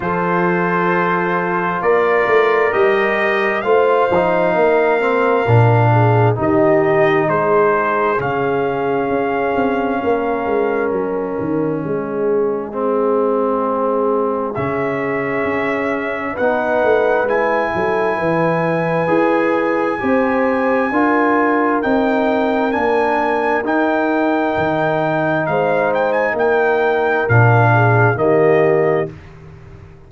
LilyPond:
<<
  \new Staff \with { instrumentName = "trumpet" } { \time 4/4 \tempo 4 = 66 c''2 d''4 dis''4 | f''2. dis''4 | c''4 f''2. | dis''1 |
e''2 fis''4 gis''4~ | gis''1 | g''4 gis''4 g''2 | f''8 g''16 gis''16 g''4 f''4 dis''4 | }
  \new Staff \with { instrumentName = "horn" } { \time 4/4 a'2 ais'2 | c''4 ais'4. gis'8 g'4 | gis'2. ais'4~ | ais'4 gis'2.~ |
gis'2 b'4. a'8 | b'2 c''4 ais'4~ | ais'1 | c''4 ais'4. gis'8 g'4 | }
  \new Staff \with { instrumentName = "trombone" } { \time 4/4 f'2. g'4 | f'8 dis'4 c'8 d'4 dis'4~ | dis'4 cis'2.~ | cis'2 c'2 |
cis'2 dis'4 e'4~ | e'4 gis'4 g'4 f'4 | dis'4 d'4 dis'2~ | dis'2 d'4 ais4 | }
  \new Staff \with { instrumentName = "tuba" } { \time 4/4 f2 ais8 a8 g4 | a8 f8 ais4 ais,4 dis4 | gis4 cis4 cis'8 c'8 ais8 gis8 | fis8 dis8 gis2. |
cis4 cis'4 b8 a8 gis8 fis8 | e4 e'4 c'4 d'4 | c'4 ais4 dis'4 dis4 | gis4 ais4 ais,4 dis4 | }
>>